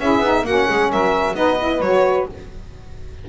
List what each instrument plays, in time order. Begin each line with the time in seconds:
0.00 double bass C#4, saxophone E4 G#4, violin E5
0.20 double bass B3, saxophone D#4
0.43 double bass A#3, saxophone C#4 F#4, violin F#5
0.67 double bass G#3, saxophone G#4
0.91 double bass F#3, saxophone A#4, violin E5
1.35 double bass B3, saxophone D#4 B4, violin D#5
1.59 saxophone E4
1.81 double bass F#3, saxophone F#4, violin C#5